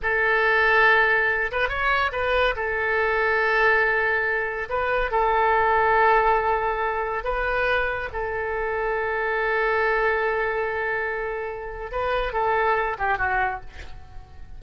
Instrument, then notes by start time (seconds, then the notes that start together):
oboe
0.02 A4
1.51 B4
1.68 C#5
2.12 B4
2.56 A4
4.69 B4
5.11 A4
7.24 B4
8.12 A4
11.91 B4
12.32 A4
12.98 G4
13.18 F#4